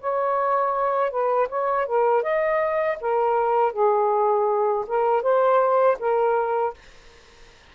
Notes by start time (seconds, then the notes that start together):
0.00 C#5
1.10 B4
1.49 C#5
1.85 A#4
2.22 D#5
3.00 A#4
3.72 G#4
4.87 A#4
5.22 C5
5.99 A#4